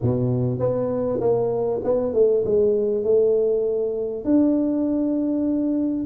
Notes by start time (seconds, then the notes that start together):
0.01 B2
0.59 B3
1.20 A#3
1.84 B3
2.13 A3
2.45 G#3
3.03 A3
4.24 D4